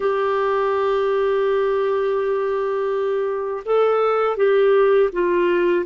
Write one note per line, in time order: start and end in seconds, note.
0.00 3.63 G4
3.65 4.36 A4
4.36 5.10 G4
5.12 5.85 F4